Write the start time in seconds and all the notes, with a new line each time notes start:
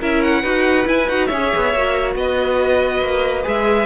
0.00 C#4 E4 A#4 E5
0.23 F#5
0.42 D#4 F#4 B4
0.85 E4 G#5
1.08 D#4 F#4 F#5
1.26 C#4 C#5 E5
1.33 G#4
1.56 B3
1.74 A#3 F#4
2.15 B3 B4 D#5
3.02 A#3
3.43 G#3 G#4 E5